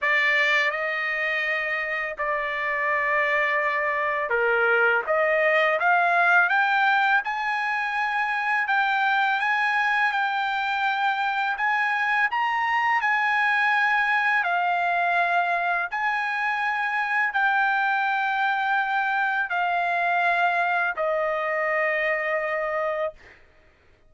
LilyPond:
\new Staff \with { instrumentName = "trumpet" } { \time 4/4 \tempo 4 = 83 d''4 dis''2 d''4~ | d''2 ais'4 dis''4 | f''4 g''4 gis''2 | g''4 gis''4 g''2 |
gis''4 ais''4 gis''2 | f''2 gis''2 | g''2. f''4~ | f''4 dis''2. | }